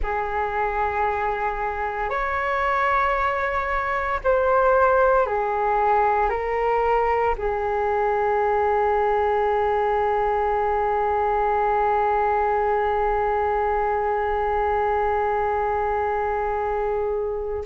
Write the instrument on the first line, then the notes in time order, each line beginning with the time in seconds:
flute
0.02 G#4
2.09 C#5
4.23 C5
5.26 G#4
6.29 A#4
7.38 G#4